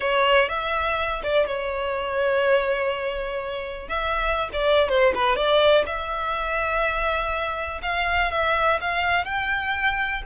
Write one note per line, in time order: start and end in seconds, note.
0.00 0.48 C#5
0.48 1.22 E5
1.23 1.46 D5
1.46 3.88 C#5
3.88 4.49 E5
4.52 4.88 D5
4.88 5.13 C5
5.15 5.35 B4
5.35 5.84 D5
5.86 7.81 E5
7.82 8.31 F5
8.31 8.79 E5
8.80 9.25 F5
9.25 10.22 G5